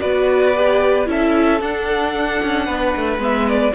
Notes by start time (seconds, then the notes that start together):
0.00 B3 F#4 B4 D5
0.55 G4
1.06 C#4 E4 A4 E5
1.61 D4 F#5
2.42 C#4
2.65 B3 B4
2.96 A3
3.18 G#3 B3 E5
3.49 D5